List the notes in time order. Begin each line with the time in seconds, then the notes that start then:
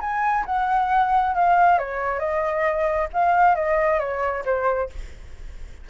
0.00 G#5
0.45 F#5
1.35 F5
1.78 C#5
2.19 D#5
3.13 F5
3.55 D#5
3.99 C#5
4.45 C5